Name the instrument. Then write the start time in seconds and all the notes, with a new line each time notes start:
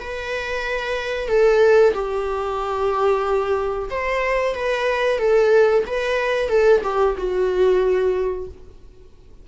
viola
0.00 B4
1.28 A4
1.94 G4
3.90 C5
4.55 B4
5.19 A4
5.87 B4
6.49 A4
6.83 G4
7.18 F#4